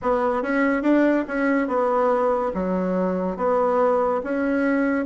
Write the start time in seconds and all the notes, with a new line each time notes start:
0.02 B3
0.42 C#4
0.82 D4
1.27 C#4
1.67 B3
2.54 F#3
3.36 B3
4.23 C#4